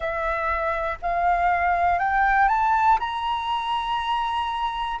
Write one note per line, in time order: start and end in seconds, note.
0.00 0.98 E5
1.02 1.98 F5
1.98 2.48 G5
2.48 2.98 A5
2.99 4.99 A#5